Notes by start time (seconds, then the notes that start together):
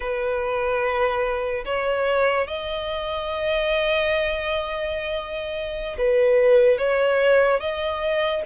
0.00 B4
1.65 C#5
2.47 D#5
5.98 B4
6.78 C#5
7.60 D#5